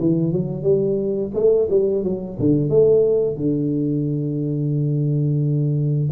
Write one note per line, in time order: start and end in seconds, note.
0.00 0.32 E3
0.32 0.63 F#3
0.63 1.31 G3
1.34 1.68 A3
1.70 2.03 G3
2.03 2.37 F#3
2.39 2.69 D3
2.69 3.36 A3
3.36 6.09 D3